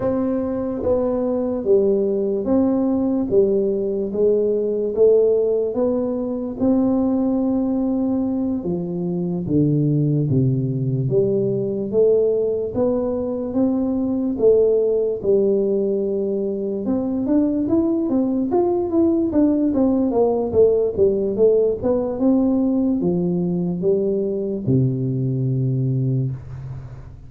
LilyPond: \new Staff \with { instrumentName = "tuba" } { \time 4/4 \tempo 4 = 73 c'4 b4 g4 c'4 | g4 gis4 a4 b4 | c'2~ c'8 f4 d8~ | d8 c4 g4 a4 b8~ |
b8 c'4 a4 g4.~ | g8 c'8 d'8 e'8 c'8 f'8 e'8 d'8 | c'8 ais8 a8 g8 a8 b8 c'4 | f4 g4 c2 | }